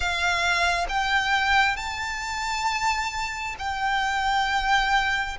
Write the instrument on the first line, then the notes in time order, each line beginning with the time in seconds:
violin
0.00 F5
0.88 G5
1.76 A5
3.58 G5